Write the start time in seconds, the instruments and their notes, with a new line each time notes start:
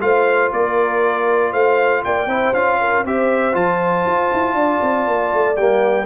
0.00 tuba A3, trombone F4, horn C5, trumpet F5
0.52 tuba A#3, horn A#4, trumpet D5
1.52 tuba A3, horn C5, trumpet F5
2.04 tuba A#3, horn D5, trumpet G5
2.26 tuba C4, trombone E4, horn C5
2.53 tuba C#4, trombone F4, trumpet F5
2.80 horn A#4
3.04 tuba C4, trombone G4, horn C5, trumpet E5
3.52 tuba F3, trombone F4, trumpet A5
4.05 tuba F4
4.33 tuba E4
4.53 tuba D4, horn D5
4.82 tuba C4
5.07 tuba A#3
5.33 tuba A3
5.56 tuba G3, trombone A#3, trumpet G5